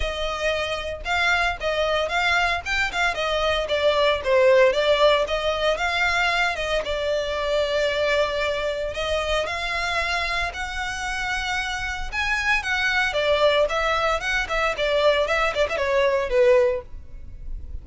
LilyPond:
\new Staff \with { instrumentName = "violin" } { \time 4/4 \tempo 4 = 114 dis''2 f''4 dis''4 | f''4 g''8 f''8 dis''4 d''4 | c''4 d''4 dis''4 f''4~ | f''8 dis''8 d''2.~ |
d''4 dis''4 f''2 | fis''2. gis''4 | fis''4 d''4 e''4 fis''8 e''8 | d''4 e''8 d''16 e''16 cis''4 b'4 | }